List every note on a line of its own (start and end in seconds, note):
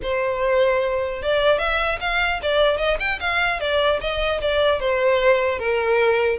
0.02 1.22 C5
1.22 1.58 D5
1.58 1.98 E5
2.00 2.40 F5
2.42 2.77 D5
2.77 2.97 D#5
2.99 3.19 G5
3.19 3.59 F5
3.60 4.00 D5
4.00 4.40 D#5
4.41 4.79 D5
4.79 5.58 C5
5.58 6.38 A#4